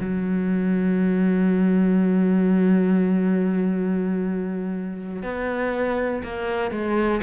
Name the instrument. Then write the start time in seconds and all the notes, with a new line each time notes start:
cello
0.00 F#3
5.22 B3
6.23 A#3
6.71 G#3